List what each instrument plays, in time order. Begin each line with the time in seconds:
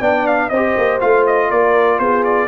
0.00 tuba B3, trombone D4, horn D5, trumpet G5
0.27 trumpet F5
0.49 tuba C4, horn C5, trumpet D#5
0.55 trombone G4
0.77 tuba A#3
1.00 tuba A3, trombone F4, trumpet F5
1.27 trumpet D#5
1.50 tuba A#3, horn A#4, trumpet D5
1.99 tuba B3, horn G#4, trumpet C5
2.24 trumpet D5